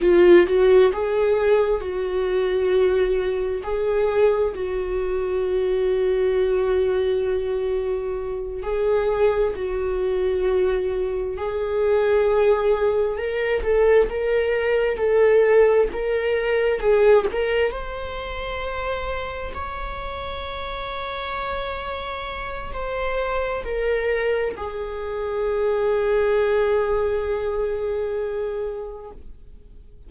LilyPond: \new Staff \with { instrumentName = "viola" } { \time 4/4 \tempo 4 = 66 f'8 fis'8 gis'4 fis'2 | gis'4 fis'2.~ | fis'4. gis'4 fis'4.~ | fis'8 gis'2 ais'8 a'8 ais'8~ |
ais'8 a'4 ais'4 gis'8 ais'8 c''8~ | c''4. cis''2~ cis''8~ | cis''4 c''4 ais'4 gis'4~ | gis'1 | }